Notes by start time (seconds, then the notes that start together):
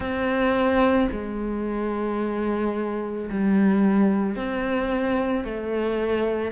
0.00 C4
1.11 G#3
3.30 G3
4.36 C4
5.44 A3